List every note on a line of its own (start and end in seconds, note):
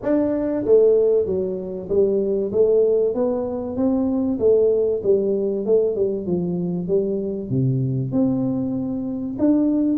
0.02 0.64 D4
0.65 1.26 A3
1.26 1.88 F#3
1.89 2.51 G3
2.52 3.14 A3
3.14 3.76 B3
3.76 4.38 C4
4.39 5.01 A3
5.03 5.65 G3
5.65 5.95 A3
5.95 6.26 G3
6.26 6.87 F3
6.87 7.49 G3
7.49 8.12 C3
8.12 9.37 C4
9.38 9.97 D4